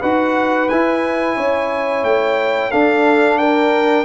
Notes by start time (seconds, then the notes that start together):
0.00 D#4 F#4 B4 F#5
0.69 E4 G#5
1.36 C#4 C#5
2.03 A3 G5
2.71 D4 A4 F5
3.38 A#4 G5